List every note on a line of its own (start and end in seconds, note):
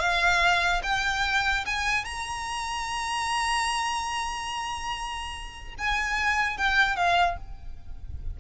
0.00 0.82 F5
0.83 1.66 G5
1.66 2.05 G#5
2.05 5.75 A#5
5.79 6.58 G#5
6.58 6.97 G5
6.97 7.38 F5